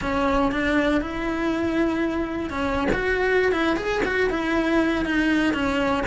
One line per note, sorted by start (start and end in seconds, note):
0.01 0.51 C#4
0.51 1.01 D4
1.01 2.50 E4
2.50 2.88 C#4
2.92 3.52 F#4
3.52 3.76 E4
3.76 4.01 G#4
4.05 4.29 F#4
4.29 5.05 E4
5.05 5.53 D#4
5.53 6.03 C#4